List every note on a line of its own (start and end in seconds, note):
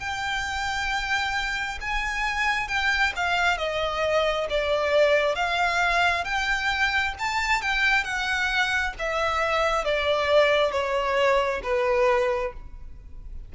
0.00 1.79 G5
1.81 2.68 G#5
2.68 3.13 G5
3.16 3.58 F5
3.58 4.47 D#5
4.49 5.35 D5
5.35 6.25 F5
6.25 7.14 G5
7.19 7.62 A5
7.62 8.04 G5
8.04 8.93 F#5
8.99 9.84 E5
9.84 10.72 D5
10.72 11.61 C#5
11.63 12.53 B4